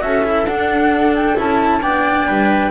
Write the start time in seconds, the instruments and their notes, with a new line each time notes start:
0.00 double bass C#4, cello F#4, viola A4, flute E5
0.23 cello E4
0.44 double bass D4, cello D4, flute F#5
1.15 flute G5
1.36 double bass C#4, cello E4, flute A5
1.82 double bass B3, cello D4, viola D5, flute G5
2.27 double bass G3, viola B4